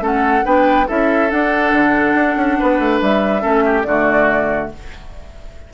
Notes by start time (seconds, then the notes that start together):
0.00 A3 C#4 A4 F#5
0.44 B3 D4 B4 G5
0.87 C#4 E4 A4 E5
1.30 D4 F#5
1.72 D3
2.14 D4
2.37 C#4
2.59 B3 B4
2.79 A3
3.01 G3 E5
3.41 A3 C#4 A4
3.65 G4
3.83 D3 A3 F#4 D5